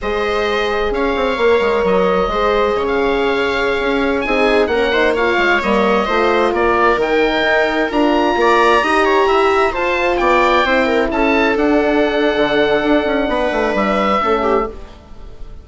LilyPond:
<<
  \new Staff \with { instrumentName = "oboe" } { \time 4/4 \tempo 4 = 131 dis''2 f''2 | dis''2~ dis''16 f''4.~ f''16~ | f''4~ f''16 gis''4 fis''4 f''8.~ | f''16 dis''2 d''4 g''8.~ |
g''4~ g''16 ais''2~ ais''8.~ | ais''4~ ais''16 a''4 g''4.~ g''16~ | g''16 a''4 fis''2~ fis''8.~ | fis''2 e''2 | }
  \new Staff \with { instrumentName = "viola" } { \time 4/4 c''2 cis''2~ | cis''4 c''4 cis''2~ | cis''4~ cis''16 gis'4 ais'8 c''8 cis''8.~ | cis''4~ cis''16 c''4 ais'4.~ ais'16~ |
ais'2~ ais'16 d''4 dis''8 cis''16~ | cis''16 e''4 c''4 d''4 c''8 ais'16~ | ais'16 a'2.~ a'8.~ | a'4 b'2 a'8 g'8 | }
  \new Staff \with { instrumentName = "horn" } { \time 4/4 gis'2. ais'4~ | ais'4 gis'2.~ | gis'4~ gis'16 dis'4 cis'8 dis'8 f'8.~ | f'16 ais4 f'2 dis'8.~ |
dis'4~ dis'16 f'2 g'8.~ | g'4~ g'16 f'2 e'8.~ | e'4~ e'16 d'2~ d'8.~ | d'2. cis'4 | }
  \new Staff \with { instrumentName = "bassoon" } { \time 4/4 gis2 cis'8 c'8 ais8 gis8 | fis4 gis4 cis2~ | cis16 cis'4 c'4 ais4. gis16~ | gis16 g4 a4 ais4 dis8.~ |
dis16 dis'4 d'4 ais4 dis'8.~ | dis'16 e'4 f'4 b4 c'8.~ | c'16 cis'4 d'4.~ d'16 d4 | d'8 cis'8 b8 a8 g4 a4 | }
>>